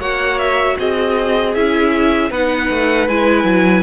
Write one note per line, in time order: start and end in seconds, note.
0.00 0.77 A#3
0.00 1.55 F#4
0.00 0.77 C#5
0.00 0.39 F#5
0.39 0.77 E5
0.79 1.56 C4
0.79 2.30 G#4
0.79 1.55 D#5
1.55 2.31 C#4
1.55 2.32 E4
1.55 2.32 E5
2.30 2.69 B3
2.30 3.09 D#4
2.30 3.83 B4
2.30 3.08 F#5
2.71 3.09 A3
3.08 3.44 G#3
3.08 3.83 E4
3.08 3.83 G#5
3.44 3.83 F#3